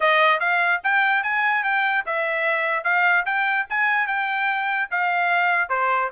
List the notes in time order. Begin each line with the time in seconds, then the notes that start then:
0.00 D#5
0.40 F5
0.83 G5
1.23 G#5
1.63 G5
2.05 E5
2.83 F5
3.25 G5
3.69 G#5
4.07 G5
4.91 F5
5.69 C5